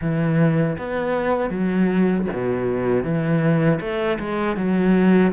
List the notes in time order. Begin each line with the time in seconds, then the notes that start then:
0.01 E3
0.78 B3
1.50 F#3
2.32 B2
3.03 E3
3.80 A3
4.19 G#3
4.56 F#3